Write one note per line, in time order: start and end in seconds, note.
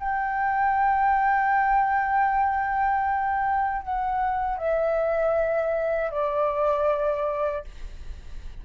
0.00 3.83 G5
3.83 4.58 F#5
4.58 6.11 E5
6.11 7.65 D5